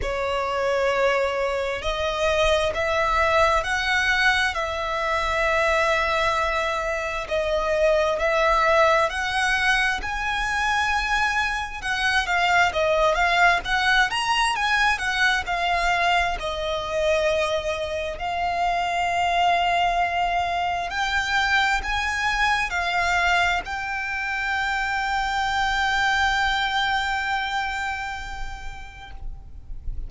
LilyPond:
\new Staff \with { instrumentName = "violin" } { \time 4/4 \tempo 4 = 66 cis''2 dis''4 e''4 | fis''4 e''2. | dis''4 e''4 fis''4 gis''4~ | gis''4 fis''8 f''8 dis''8 f''8 fis''8 ais''8 |
gis''8 fis''8 f''4 dis''2 | f''2. g''4 | gis''4 f''4 g''2~ | g''1 | }